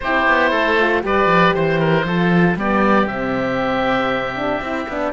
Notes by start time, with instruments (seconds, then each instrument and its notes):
0.00 cello C4, horn E4, oboe G4 C5
0.27 cello B3
0.50 cello A3, oboe A4
0.80 horn F4
1.01 cello G3, horn G4, oboe B4 D5
1.26 cello F3
1.54 cello E3, oboe C5
1.79 oboe A#4
2.04 cello F3, horn F4, oboe A4
2.56 cello G3, horn B3, oboe G4 D5
3.06 cello C3, horn C4, oboe E5
4.35 horn D4
4.60 cello C4, horn E4
4.88 cello B3, horn D4